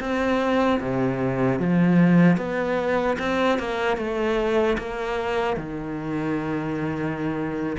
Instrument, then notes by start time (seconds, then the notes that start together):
cello
0.00 C4
0.81 C3
1.59 F3
2.37 B3
3.19 C4
3.59 A#3
3.97 A3
4.78 A#3
5.57 D#3